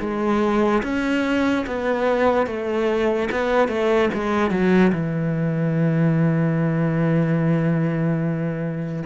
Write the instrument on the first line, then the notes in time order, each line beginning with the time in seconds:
cello
0.00 G#3
0.83 C#4
1.66 B3
2.46 A3
3.31 B3
3.68 A3
4.14 G#3
4.50 F#3
4.92 E3